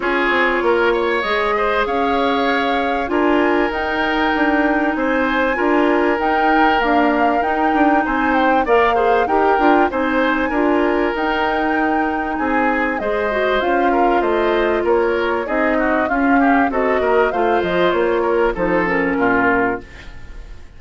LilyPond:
<<
  \new Staff \with { instrumentName = "flute" } { \time 4/4 \tempo 4 = 97 cis''2 dis''4 f''4~ | f''4 gis''4 g''2 | gis''2 g''4 f''4 | g''4 gis''8 g''8 f''4 g''4 |
gis''2 g''2 | gis''4 dis''4 f''4 dis''4 | cis''4 dis''4 f''4 dis''4 | f''8 dis''8 cis''4 c''8 ais'4. | }
  \new Staff \with { instrumentName = "oboe" } { \time 4/4 gis'4 ais'8 cis''4 c''8 cis''4~ | cis''4 ais'2. | c''4 ais'2.~ | ais'4 c''4 d''8 c''8 ais'4 |
c''4 ais'2. | gis'4 c''4. ais'8 c''4 | ais'4 gis'8 fis'8 f'8 g'8 a'8 ais'8 | c''4. ais'8 a'4 f'4 | }
  \new Staff \with { instrumentName = "clarinet" } { \time 4/4 f'2 gis'2~ | gis'4 f'4 dis'2~ | dis'4 f'4 dis'4 ais4 | dis'2 ais'8 gis'8 g'8 f'8 |
dis'4 f'4 dis'2~ | dis'4 gis'8 fis'8 f'2~ | f'4 dis'4 cis'4 fis'4 | f'2 dis'8 cis'4. | }
  \new Staff \with { instrumentName = "bassoon" } { \time 4/4 cis'8 c'8 ais4 gis4 cis'4~ | cis'4 d'4 dis'4 d'4 | c'4 d'4 dis'4 d'4 | dis'8 d'8 c'4 ais4 dis'8 d'8 |
c'4 d'4 dis'2 | c'4 gis4 cis'4 a4 | ais4 c'4 cis'4 c'8 ais8 | a8 f8 ais4 f4 ais,4 | }
>>